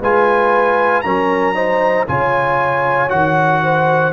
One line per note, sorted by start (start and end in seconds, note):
0.00 1.04 G#3
0.00 1.04 F4
0.00 1.03 B4
0.00 1.01 G#5
1.01 2.08 F#3
1.01 1.54 C#4
1.01 1.55 A#4
1.01 2.04 A#5
1.54 2.06 D#4
1.54 2.06 C5
2.07 3.11 C#3
2.07 3.08 F4
2.07 3.63 C#5
2.07 3.09 G#5
3.08 4.12 D#3
3.08 4.11 F#4
3.08 4.12 F#5
3.63 4.12 C5